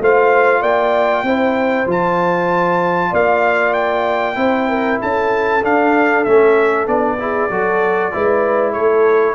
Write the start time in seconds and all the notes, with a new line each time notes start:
0.00 A3 F4 C5 F5
0.61 A#3 D5 G5
1.23 C4 E4 C5
1.87 F3 F4 A5
3.11 A#3 D5 F5
3.74 G5
4.36 C4 E4 C5
4.69 A#4
5.01 C#4 A4 A5
5.63 D4 F5
6.24 A3 C#4 E5
6.87 B3 D4 D5
7.19 E4 G#4
7.50 F#3 F#4 A4
8.12 G#3 E4 B4
8.73 A3 A4 C#5